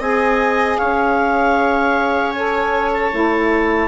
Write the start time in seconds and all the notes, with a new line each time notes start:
0.00 C4 G#4 D#5 G#5
0.78 C#4 C#5 F5
2.31 A4 G#5
2.94 A5
3.11 A3 E4